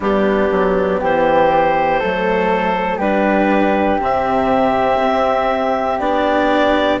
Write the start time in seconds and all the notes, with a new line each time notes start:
0.00 G3 B3 D4 G4
0.51 F#3
0.99 E3 G4 C5
1.99 F#3 A3 A4
2.98 G3 D4 G4 B4
3.98 C3 C4 E5
5.03 C4
5.99 B3 D4 D5